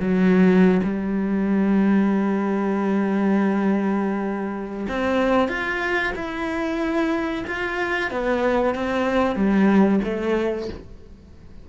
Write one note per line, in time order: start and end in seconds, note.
0.00 0.81 F#3
0.84 4.87 G3
4.88 5.48 C4
5.48 6.13 F4
6.16 7.45 E4
7.47 8.11 F4
8.11 8.75 B3
8.75 9.35 C4
9.35 10.00 G3
10.04 10.69 A3